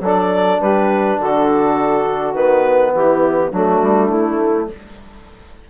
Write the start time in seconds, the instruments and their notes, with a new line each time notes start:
0.00 bassoon F#3, trombone D4, saxophone A4, clarinet D5
0.60 bassoon G3, saxophone G4, clarinet B4
1.18 bassoon D3, saxophone F#4, clarinet A4
2.33 bassoon D#3, trombone B3, clarinet B4
2.94 bassoon E3, saxophone E4, clarinet G4
3.49 bassoon F#3, trombone A3, saxophone D4, clarinet F#4
3.82 bassoon G3
4.08 bassoon A3, clarinet E4